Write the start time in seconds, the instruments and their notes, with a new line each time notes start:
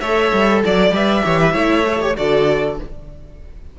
0.00 cello A3, viola A4, violin C#5 E5
0.33 cello G3
0.65 cello F#3, violin D5
0.91 cello G3, viola B4, violin E5
1.22 cello E3, viola G4, violin C#5
1.41 violin B4
1.52 cello A3, viola E4, violin C#5
1.85 viola A4
2.00 viola G4, violin C#5
2.16 cello D3, viola F#4, violin A4 D5